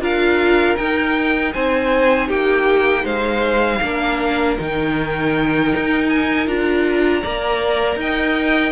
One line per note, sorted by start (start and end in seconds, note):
0.00 0.76 D4
0.00 0.77 F4
0.00 1.52 A#4
0.00 0.76 F5
0.76 1.54 D#4
0.76 3.82 D#4
0.76 1.52 G5
1.53 2.29 C4
1.53 2.28 C5
1.53 2.29 G#5
2.28 3.04 A#3
2.28 3.03 G4
2.28 3.05 G5
3.03 3.80 G#3
3.03 3.79 C5
3.03 4.57 F5
3.82 4.58 A#3
3.82 4.58 D4
3.82 7.22 A#4
4.58 5.73 D#3
4.58 6.47 D#4
4.58 6.09 G5
5.76 6.47 D#4
6.09 6.47 G#5
6.47 7.23 D4
6.47 7.23 F4
6.47 7.99 A#5
7.22 7.96 A#3
7.22 8.72 A#4
7.22 7.97 D5
7.96 8.72 D#4
7.96 8.72 D#5
7.96 8.72 G5